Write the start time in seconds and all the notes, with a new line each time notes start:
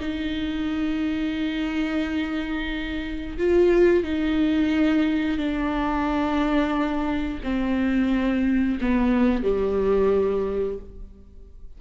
0.00 D#4
3.37 F4
4.03 D#4
5.37 D4
7.43 C4
8.80 B3
9.43 G3